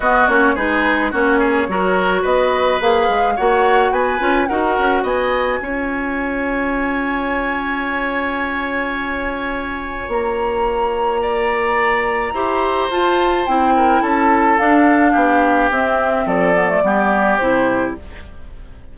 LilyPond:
<<
  \new Staff \with { instrumentName = "flute" } { \time 4/4 \tempo 4 = 107 dis''8 cis''8 b'4 cis''2 | dis''4 f''4 fis''4 gis''4 | fis''4 gis''2.~ | gis''1~ |
gis''2 ais''2~ | ais''2. a''4 | g''4 a''4 f''2 | e''4 d''2 c''4 | }
  \new Staff \with { instrumentName = "oboe" } { \time 4/4 fis'4 gis'4 fis'8 gis'8 ais'4 | b'2 cis''4 b'4 | ais'4 dis''4 cis''2~ | cis''1~ |
cis''1 | d''2 c''2~ | c''8 ais'8 a'2 g'4~ | g'4 a'4 g'2 | }
  \new Staff \with { instrumentName = "clarinet" } { \time 4/4 b8 cis'8 dis'4 cis'4 fis'4~ | fis'4 gis'4 fis'4. f'8 | fis'2 f'2~ | f'1~ |
f'1~ | f'2 g'4 f'4 | e'2 d'2 | c'4. b16 a16 b4 e'4 | }
  \new Staff \with { instrumentName = "bassoon" } { \time 4/4 b8 ais8 gis4 ais4 fis4 | b4 ais8 gis8 ais4 b8 cis'8 | dis'8 cis'8 b4 cis'2~ | cis'1~ |
cis'2 ais2~ | ais2 e'4 f'4 | c'4 cis'4 d'4 b4 | c'4 f4 g4 c4 | }
>>